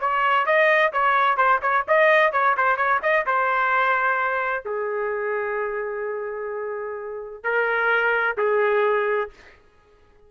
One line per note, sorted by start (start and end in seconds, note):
0.00 0.46 C#5
0.46 0.92 D#5
0.92 1.37 C#5
1.37 1.60 C5
1.62 1.85 C#5
1.88 2.32 D#5
2.32 2.55 C#5
2.57 2.76 C5
2.76 3.00 C#5
3.02 3.26 D#5
3.26 4.64 C5
4.64 7.43 G#4
7.43 8.36 A#4
8.37 9.30 G#4